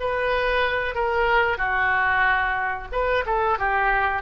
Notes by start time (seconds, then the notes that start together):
0.00 B4
0.95 A#4
1.57 F#4
2.92 B4
3.26 A4
3.58 G4